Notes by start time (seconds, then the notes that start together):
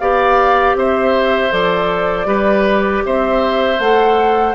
0.00 B3 G4 D5 F5
0.75 C4 C5 E5
1.51 F3 A4 D5
2.26 G3 G4 B4
3.05 C4 C5 E5
3.79 A3 A4 F#5